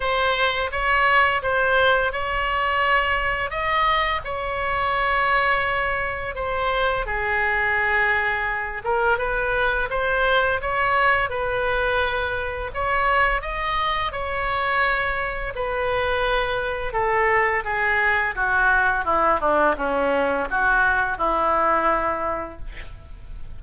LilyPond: \new Staff \with { instrumentName = "oboe" } { \time 4/4 \tempo 4 = 85 c''4 cis''4 c''4 cis''4~ | cis''4 dis''4 cis''2~ | cis''4 c''4 gis'2~ | gis'8 ais'8 b'4 c''4 cis''4 |
b'2 cis''4 dis''4 | cis''2 b'2 | a'4 gis'4 fis'4 e'8 d'8 | cis'4 fis'4 e'2 | }